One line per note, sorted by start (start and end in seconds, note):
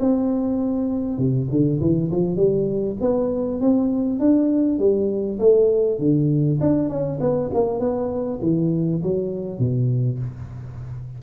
0.00 1.18 C4
1.18 1.48 C3
1.50 1.80 D3
1.81 2.11 E3
2.11 2.36 F3
2.36 2.96 G3
3.01 3.61 B3
3.61 4.20 C4
4.20 4.79 D4
4.79 5.39 G3
5.39 5.99 A3
5.99 6.59 D3
6.60 6.89 D4
6.89 7.19 C#4
7.20 7.50 B3
7.54 7.79 A#3
7.79 8.39 B3
8.42 9.02 E3
9.03 9.59 F#3
9.59 10.19 B2